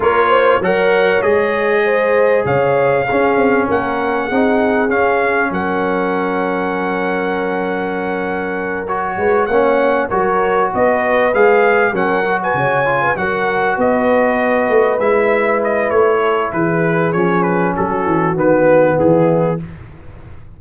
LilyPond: <<
  \new Staff \with { instrumentName = "trumpet" } { \time 4/4 \tempo 4 = 98 cis''4 fis''4 dis''2 | f''2 fis''2 | f''4 fis''2.~ | fis''2~ fis''8 cis''4 fis''8~ |
fis''8 cis''4 dis''4 f''4 fis''8~ | fis''16 gis''4~ gis''16 fis''4 dis''4.~ | dis''8 e''4 dis''8 cis''4 b'4 | cis''8 b'8 a'4 b'4 gis'4 | }
  \new Staff \with { instrumentName = "horn" } { \time 4/4 ais'8 c''8 cis''2 c''4 | cis''4 gis'4 ais'4 gis'4~ | gis'4 ais'2.~ | ais'2. b'8 cis''8~ |
cis''8 ais'4 b'2 ais'8~ | ais'16 b'16 cis''8. b'16 ais'4 b'4.~ | b'2~ b'8 a'8 gis'4~ | gis'4 fis'2 e'4 | }
  \new Staff \with { instrumentName = "trombone" } { \time 4/4 f'4 ais'4 gis'2~ | gis'4 cis'2 dis'4 | cis'1~ | cis'2~ cis'8 fis'4 cis'8~ |
cis'8 fis'2 gis'4 cis'8 | fis'4 f'8 fis'2~ fis'8~ | fis'8 e'2.~ e'8 | cis'2 b2 | }
  \new Staff \with { instrumentName = "tuba" } { \time 4/4 ais4 fis4 gis2 | cis4 cis'8 c'8 ais4 c'4 | cis'4 fis2.~ | fis2. gis8 ais8~ |
ais8 fis4 b4 gis4 fis8~ | fis8 cis4 fis4 b4. | a8 gis4. a4 e4 | f4 fis8 e8 dis4 e4 | }
>>